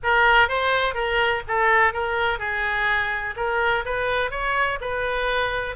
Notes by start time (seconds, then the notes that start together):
0.03 A#4
0.48 C5
0.94 A#4
1.47 A4
1.93 A#4
2.39 G#4
3.36 A#4
3.85 B4
4.30 C#5
4.80 B4